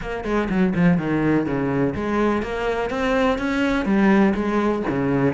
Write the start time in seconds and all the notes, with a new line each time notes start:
0.01 A#3
0.24 G#3
0.49 F#3
0.74 F3
0.97 D#3
1.46 C#3
1.95 G#3
2.42 A#3
2.90 C4
3.38 C#4
3.85 G3
4.34 G#3
4.89 C#3